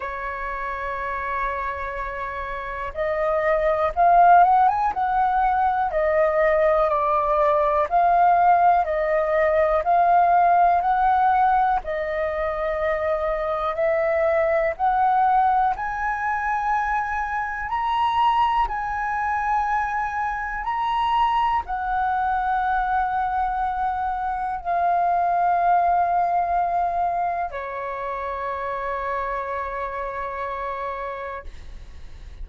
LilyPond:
\new Staff \with { instrumentName = "flute" } { \time 4/4 \tempo 4 = 61 cis''2. dis''4 | f''8 fis''16 gis''16 fis''4 dis''4 d''4 | f''4 dis''4 f''4 fis''4 | dis''2 e''4 fis''4 |
gis''2 ais''4 gis''4~ | gis''4 ais''4 fis''2~ | fis''4 f''2. | cis''1 | }